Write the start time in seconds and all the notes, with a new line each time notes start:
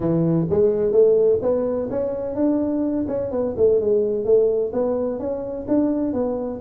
0.00 E3
0.50 G#3
0.91 A3
1.42 B3
1.90 C#4
2.35 D4
3.08 C#4
3.31 B3
3.57 A3
3.80 G#3
4.25 A3
4.72 B3
5.19 C#4
5.68 D4
6.13 B3